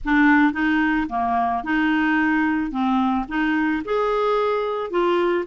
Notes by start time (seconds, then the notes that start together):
0.04 D4
0.52 D#4
1.09 A#3
1.63 D#4
2.71 C4
3.28 D#4
3.85 G#4
4.90 F4